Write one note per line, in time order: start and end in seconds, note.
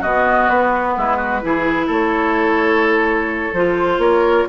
0.00 0.50 B2
0.00 1.41 B3
0.00 0.94 F#4
0.00 0.49 D#5
0.49 0.96 B3
0.49 1.90 B4
0.97 1.43 G#3
0.97 1.16 E4
1.16 1.40 F#4
1.41 1.89 E3
1.41 3.52 E4
1.41 1.86 G#4
1.86 3.53 A3
1.86 3.97 A4
1.86 3.54 C#5
3.53 3.98 F3
3.53 4.49 F4
3.53 4.00 C5
3.98 4.45 A#3
3.98 4.48 A#4
3.98 4.47 C#5